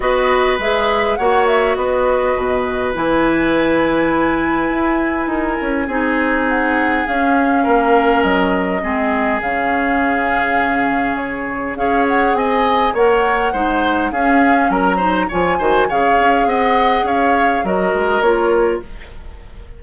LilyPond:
<<
  \new Staff \with { instrumentName = "flute" } { \time 4/4 \tempo 4 = 102 dis''4 e''4 fis''8 e''8 dis''4~ | dis''4 gis''2.~ | gis''2. fis''4 | f''2 dis''2 |
f''2. cis''4 | f''8 fis''8 gis''4 fis''2 | f''4 ais''4 gis''4 f''4 | fis''4 f''4 dis''4 cis''4 | }
  \new Staff \with { instrumentName = "oboe" } { \time 4/4 b'2 cis''4 b'4~ | b'1~ | b'4 ais'4 gis'2~ | gis'4 ais'2 gis'4~ |
gis'1 | cis''4 dis''4 cis''4 c''4 | gis'4 ais'8 c''8 cis''8 c''8 cis''4 | dis''4 cis''4 ais'2 | }
  \new Staff \with { instrumentName = "clarinet" } { \time 4/4 fis'4 gis'4 fis'2~ | fis'4 e'2.~ | e'2 dis'2 | cis'2. c'4 |
cis'1 | gis'2 ais'4 dis'4 | cis'4. dis'8 f'8 fis'8 gis'4~ | gis'2 fis'4 f'4 | }
  \new Staff \with { instrumentName = "bassoon" } { \time 4/4 b4 gis4 ais4 b4 | b,4 e2. | e'4 dis'8 cis'8 c'2 | cis'4 ais4 fis4 gis4 |
cis1 | cis'4 c'4 ais4 gis4 | cis'4 fis4 f8 dis8 cis8 cis'8 | c'4 cis'4 fis8 gis8 ais4 | }
>>